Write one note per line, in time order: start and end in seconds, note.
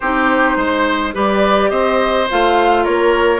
0.00 0.56 C4
0.00 1.13 D#4
0.00 0.57 G4
0.00 1.14 C5
0.56 1.13 G#3
0.56 1.14 C5
1.13 1.71 G3
1.13 2.27 G4
1.13 1.70 B4
1.13 1.70 D5
1.70 2.28 C4
1.70 2.83 C5
1.70 2.27 D#5
2.29 2.86 A3
2.29 3.40 F4
2.29 2.84 F5
2.83 3.40 A#3
2.83 3.40 A#4
2.83 3.40 C#5